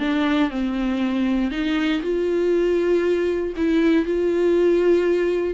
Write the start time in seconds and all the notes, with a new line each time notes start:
0.00 D4
0.51 C4
1.51 D#4
2.03 F4
3.57 E4
4.06 F4